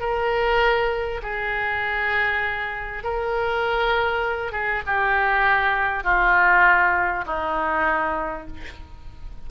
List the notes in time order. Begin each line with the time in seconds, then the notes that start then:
0.00 A#4
1.23 G#4
3.04 A#4
4.52 G#4
4.87 G4
6.04 F4
7.26 D#4